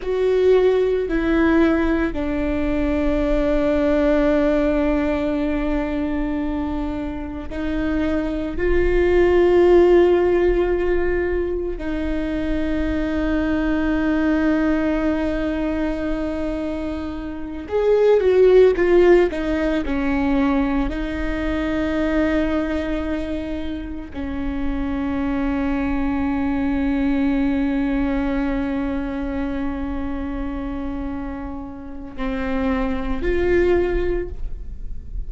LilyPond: \new Staff \with { instrumentName = "viola" } { \time 4/4 \tempo 4 = 56 fis'4 e'4 d'2~ | d'2. dis'4 | f'2. dis'4~ | dis'1~ |
dis'8 gis'8 fis'8 f'8 dis'8 cis'4 dis'8~ | dis'2~ dis'8 cis'4.~ | cis'1~ | cis'2 c'4 f'4 | }